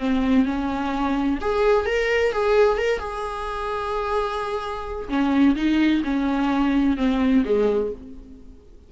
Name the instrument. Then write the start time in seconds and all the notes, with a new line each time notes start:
viola
0.00 C4
0.46 C#4
1.41 G#4
1.86 A#4
2.33 G#4
2.78 A#4
3.00 G#4
5.10 C#4
5.56 D#4
6.04 C#4
6.98 C4
7.46 G#3